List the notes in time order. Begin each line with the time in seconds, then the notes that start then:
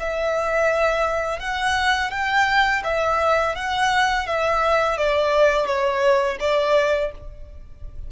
0.00 E5
1.39 F#5
2.11 G5
2.84 E5
3.56 F#5
4.27 E5
4.97 D5
5.66 C#5
6.40 D5